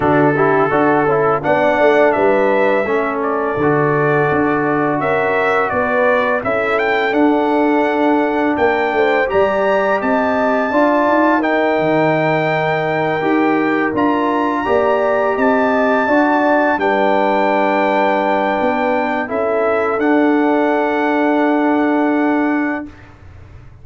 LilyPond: <<
  \new Staff \with { instrumentName = "trumpet" } { \time 4/4 \tempo 4 = 84 a'2 fis''4 e''4~ | e''8 d''2~ d''8 e''4 | d''4 e''8 g''8 fis''2 | g''4 ais''4 a''2 |
g''2.~ g''8 ais''8~ | ais''4. a''2 g''8~ | g''2. e''4 | fis''1 | }
  \new Staff \with { instrumentName = "horn" } { \time 4/4 fis'8 g'8 a'4 d''4 b'4 | a'2. ais'4 | b'4 a'2. | ais'8 c''8 d''4 dis''4 d''4 |
ais'1~ | ais'8 d''4 dis''4 d''4 b'8~ | b'2. a'4~ | a'1 | }
  \new Staff \with { instrumentName = "trombone" } { \time 4/4 d'8 e'8 fis'8 e'8 d'2 | cis'4 fis'2.~ | fis'4 e'4 d'2~ | d'4 g'2 f'4 |
dis'2~ dis'8 g'4 f'8~ | f'8 g'2 fis'4 d'8~ | d'2. e'4 | d'1 | }
  \new Staff \with { instrumentName = "tuba" } { \time 4/4 d4 d'8 cis'8 b8 a8 g4 | a4 d4 d'4 cis'4 | b4 cis'4 d'2 | ais8 a8 g4 c'4 d'8 dis'8~ |
dis'8 dis2 dis'4 d'8~ | d'8 ais4 c'4 d'4 g8~ | g2 b4 cis'4 | d'1 | }
>>